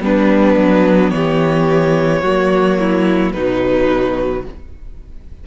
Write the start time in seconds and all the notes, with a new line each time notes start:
0.00 G3 B3 D4 B4
0.56 F#3
1.09 E3 G4 C#5
2.22 F#3 A#3 F#4
2.79 E4
3.32 B2 F#3 D#4 B4